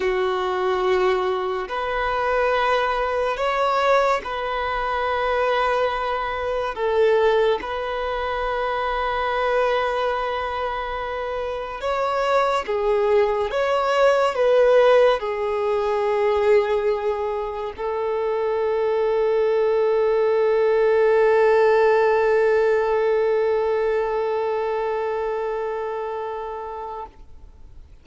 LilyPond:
\new Staff \with { instrumentName = "violin" } { \time 4/4 \tempo 4 = 71 fis'2 b'2 | cis''4 b'2. | a'4 b'2.~ | b'2 cis''4 gis'4 |
cis''4 b'4 gis'2~ | gis'4 a'2.~ | a'1~ | a'1 | }